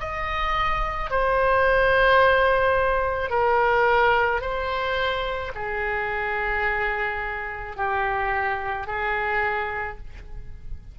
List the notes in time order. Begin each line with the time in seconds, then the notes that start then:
0.00 D#5
1.10 C5
3.30 A#4
4.41 C5
5.55 G#4
7.76 G4
8.87 G#4